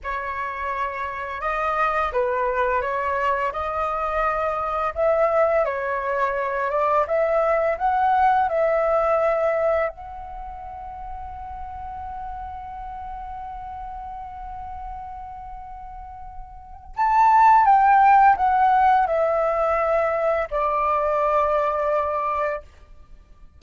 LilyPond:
\new Staff \with { instrumentName = "flute" } { \time 4/4 \tempo 4 = 85 cis''2 dis''4 b'4 | cis''4 dis''2 e''4 | cis''4. d''8 e''4 fis''4 | e''2 fis''2~ |
fis''1~ | fis''1 | a''4 g''4 fis''4 e''4~ | e''4 d''2. | }